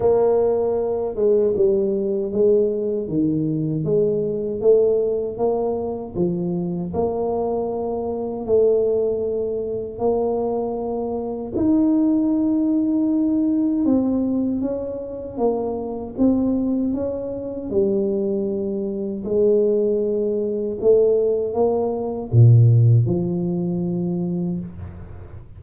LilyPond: \new Staff \with { instrumentName = "tuba" } { \time 4/4 \tempo 4 = 78 ais4. gis8 g4 gis4 | dis4 gis4 a4 ais4 | f4 ais2 a4~ | a4 ais2 dis'4~ |
dis'2 c'4 cis'4 | ais4 c'4 cis'4 g4~ | g4 gis2 a4 | ais4 ais,4 f2 | }